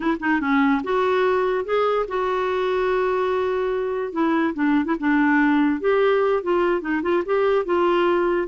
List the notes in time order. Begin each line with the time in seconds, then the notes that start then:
0.00 E4
0.20 D#4
0.40 C#4
0.83 F#4
1.64 G#4
2.08 F#4
4.12 E4
4.54 D4
4.85 E4
4.99 D4
5.80 G4
6.43 F4
6.81 D#4
7.02 F4
7.25 G4
7.65 F4